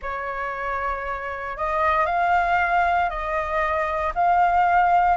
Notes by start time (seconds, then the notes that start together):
0.01 C#5
1.57 D#5
2.05 F5
3.09 D#5
4.14 F5